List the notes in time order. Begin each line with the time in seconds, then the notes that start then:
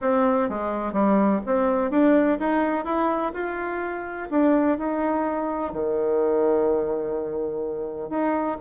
0.01 C4
0.49 G#3
0.93 G3
1.46 C4
1.90 D4
2.39 D#4
2.84 E4
3.33 F4
4.30 D4
4.78 D#4
5.72 D#3
8.09 D#4